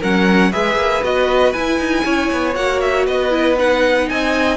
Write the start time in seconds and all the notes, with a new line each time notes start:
0.00 F#3 C#4 A#4 F#5
0.52 G#3 G#4 B4 E5
0.76 A#3
1.04 B3 F#4 D#5
1.53 E4 G#5
1.79 D#4
2.05 C#4 C#5
2.33 B3
2.55 A#3 F#4 F#5
2.81 E5
3.07 B3 B4 D#5
3.31 E4
3.59 D#4 F#5
4.09 C4 D#5 G#5